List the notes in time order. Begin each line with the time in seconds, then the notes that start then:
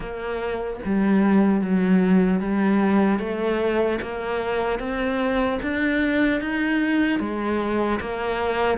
0.00 A#3
0.85 G3
1.61 F#3
2.40 G3
3.19 A3
4.01 A#3
4.79 C4
5.62 D4
6.40 D#4
7.19 G#3
8.00 A#3